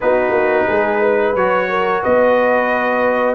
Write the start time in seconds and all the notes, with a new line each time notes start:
0.00 B3 D#4 F#4 B4
0.30 A#3
0.67 G#3 G#4
1.01 B4
1.34 F#3 F#4 C#5
1.69 A#4
2.02 B3 B4 D#5